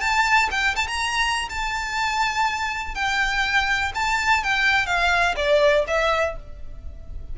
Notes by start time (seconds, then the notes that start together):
0.00 A5
0.51 G5
0.75 A5
0.87 A#5
1.49 A5
2.94 G5
3.94 A5
4.43 G5
4.86 F5
5.36 D5
5.87 E5